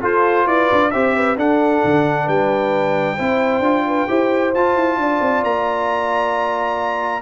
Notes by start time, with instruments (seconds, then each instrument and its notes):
0.00 trombone F4, tuba F4, horn A4, trumpet C5
0.45 tuba E4, horn B4, trumpet D5
0.72 tuba D4
0.90 tuba C4, trombone G4, horn C5, trumpet E5
1.15 horn B4
1.36 tuba D4, trombone D4, horn A4, trumpet F#5
1.84 tuba D3
2.25 tuba G3, horn B4, trumpet G5
3.15 tuba C4, trombone E4, horn C5
3.59 tuba D4, trombone F4
3.87 horn B4
4.08 tuba E4, trombone G4, horn C5
4.54 tuba F4, trombone F4, trumpet A5
4.75 tuba E4
4.97 tuba D4, horn D5
5.20 tuba C4
5.43 tuba A#3, trumpet A#5